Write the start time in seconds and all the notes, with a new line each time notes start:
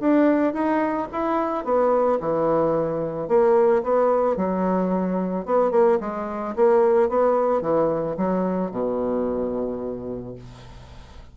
0.00 D4
0.53 D#4
1.12 E4
1.64 B3
2.20 E3
3.28 A#3
3.83 B3
4.36 F#3
5.45 B3
5.71 A#3
6.00 G#3
6.56 A#3
7.09 B3
7.61 E3
8.17 F#3
8.71 B2